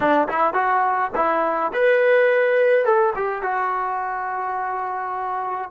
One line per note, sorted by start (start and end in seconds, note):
0.00 0.28 D4
0.28 0.53 E4
0.53 1.10 F#4
1.15 1.72 E4
1.73 2.85 B4
2.85 3.13 A4
3.15 3.42 G4
3.42 5.70 F#4